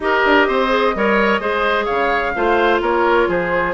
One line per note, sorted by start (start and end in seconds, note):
0.00 0.20 D#4
0.00 0.69 G4
0.00 0.47 A#4
0.00 1.85 D#5
0.25 0.48 D4
0.47 0.95 C4
0.47 0.94 C5
0.69 0.92 G#4
0.95 1.39 G3
0.95 1.40 A#4
0.95 1.41 C#5
1.39 1.86 G#3
1.39 2.34 G#4
1.39 1.85 C5
1.85 2.35 C#3
1.85 2.32 C#5
1.85 2.79 F5
2.35 2.81 A3
2.35 3.74 F4
2.35 2.81 C5
2.81 3.28 A#3
2.81 3.28 A#4
2.81 3.29 C#5
3.28 3.74 F3
3.28 3.74 G#4
3.28 3.74 C5